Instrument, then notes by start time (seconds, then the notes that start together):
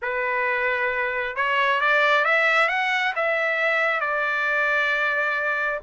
trumpet
0.01 B4
1.36 C#5
1.81 D5
2.24 E5
2.68 F#5
3.15 E5
4.00 D5